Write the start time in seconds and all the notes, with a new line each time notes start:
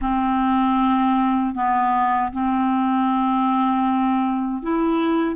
0.01 C4
1.55 B3
2.32 C4
4.62 E4